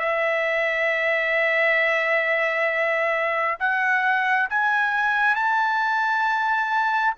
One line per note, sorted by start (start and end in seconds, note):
0.00 3.58 E5
3.60 4.49 F#5
4.51 5.36 G#5
5.36 7.15 A5